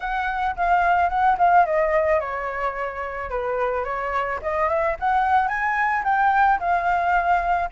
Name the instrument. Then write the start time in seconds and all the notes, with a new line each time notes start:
flute
0.00 F#5
0.56 F5
1.09 F#5
1.38 F5
1.65 D#5
2.19 C#5
3.30 B4
3.84 C#5
4.42 D#5
4.68 E5
4.99 F#5
5.48 G#5
6.04 G5
6.59 F5